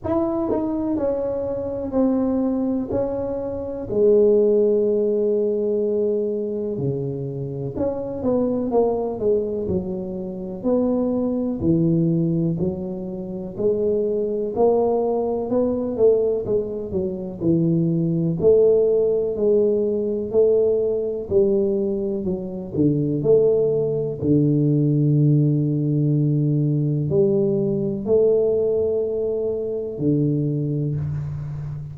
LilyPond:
\new Staff \with { instrumentName = "tuba" } { \time 4/4 \tempo 4 = 62 e'8 dis'8 cis'4 c'4 cis'4 | gis2. cis4 | cis'8 b8 ais8 gis8 fis4 b4 | e4 fis4 gis4 ais4 |
b8 a8 gis8 fis8 e4 a4 | gis4 a4 g4 fis8 d8 | a4 d2. | g4 a2 d4 | }